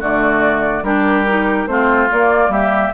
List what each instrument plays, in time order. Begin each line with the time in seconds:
0.00 bassoon D3, clarinet A3, oboe F#4, flute D5
0.82 bassoon G3, clarinet D4, oboe G4, flute A#4
1.28 clarinet D#4
1.67 bassoon A3, clarinet C4, oboe F4, flute C5
2.11 clarinet A#3, bassoon A#3, flute D5
2.49 bassoon G3, oboe G4, flute E5